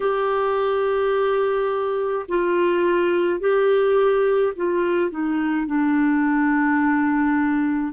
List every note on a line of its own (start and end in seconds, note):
0.00 2.26 G4
2.28 3.40 F4
3.40 4.53 G4
4.55 5.10 F4
5.10 5.66 D#4
5.66 7.92 D4